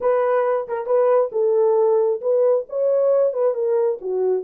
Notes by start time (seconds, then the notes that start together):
0.00 B4
0.68 A#4
0.86 B4
1.32 A4
2.21 B4
2.69 C#5
3.33 B4
3.54 A#4
4.01 F#4